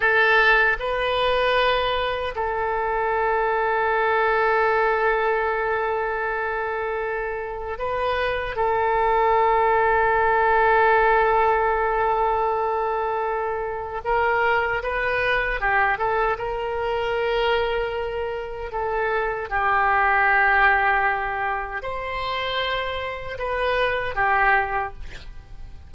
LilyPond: \new Staff \with { instrumentName = "oboe" } { \time 4/4 \tempo 4 = 77 a'4 b'2 a'4~ | a'1~ | a'2 b'4 a'4~ | a'1~ |
a'2 ais'4 b'4 | g'8 a'8 ais'2. | a'4 g'2. | c''2 b'4 g'4 | }